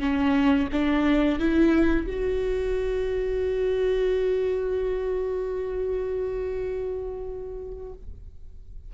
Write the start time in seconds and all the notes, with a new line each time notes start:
0.00 C#4
0.73 D4
1.39 E4
2.07 F#4